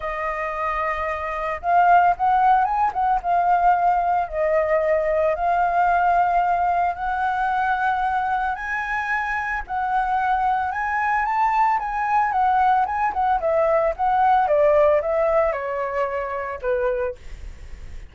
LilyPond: \new Staff \with { instrumentName = "flute" } { \time 4/4 \tempo 4 = 112 dis''2. f''4 | fis''4 gis''8 fis''8 f''2 | dis''2 f''2~ | f''4 fis''2. |
gis''2 fis''2 | gis''4 a''4 gis''4 fis''4 | gis''8 fis''8 e''4 fis''4 d''4 | e''4 cis''2 b'4 | }